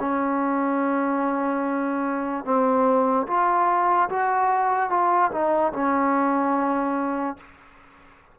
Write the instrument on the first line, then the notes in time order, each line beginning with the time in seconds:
trombone
0.00 C#4
2.45 C4
3.27 F4
4.09 F#4
4.90 F4
5.32 D#4
5.73 C#4